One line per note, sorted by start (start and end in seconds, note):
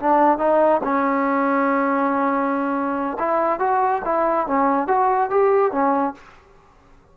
0.00 0.38 D4
0.38 0.81 D#4
0.83 3.17 C#4
3.19 3.59 E4
3.59 4.02 F#4
4.05 4.47 E4
4.47 4.87 C#4
4.87 5.30 F#4
5.30 5.72 G4
5.72 6.14 C#4